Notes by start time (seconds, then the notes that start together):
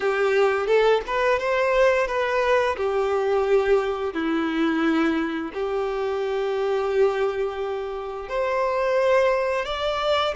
0.00 G4
0.66 A4
1.06 B4
1.39 C5
2.07 B4
2.76 G4
4.13 E4
5.53 G4
8.28 C5
9.65 D5